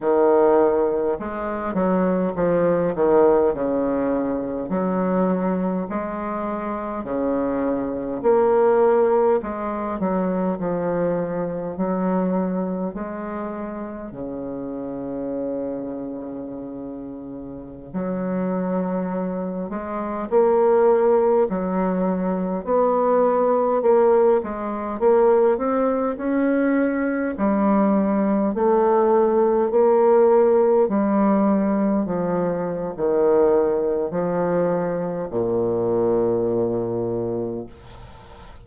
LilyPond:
\new Staff \with { instrumentName = "bassoon" } { \time 4/4 \tempo 4 = 51 dis4 gis8 fis8 f8 dis8 cis4 | fis4 gis4 cis4 ais4 | gis8 fis8 f4 fis4 gis4 | cis2.~ cis16 fis8.~ |
fis8. gis8 ais4 fis4 b8.~ | b16 ais8 gis8 ais8 c'8 cis'4 g8.~ | g16 a4 ais4 g4 f8. | dis4 f4 ais,2 | }